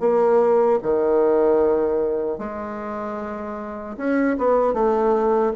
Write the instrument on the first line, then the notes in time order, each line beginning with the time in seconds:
bassoon
0.00 A#3
0.82 D#3
2.38 G#3
3.97 C#4
4.38 B3
4.73 A3